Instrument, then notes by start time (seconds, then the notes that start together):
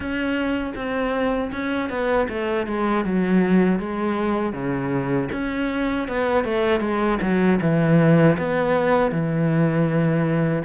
cello
0.00 C#4
0.75 C4
1.52 C#4
1.90 B3
2.28 A3
2.66 G#3
3.04 F#3
3.79 G#3
4.53 C#3
5.32 C#4
6.08 B3
6.44 A3
6.80 G#3
7.22 F#3
7.61 E3
8.38 B3
9.11 E3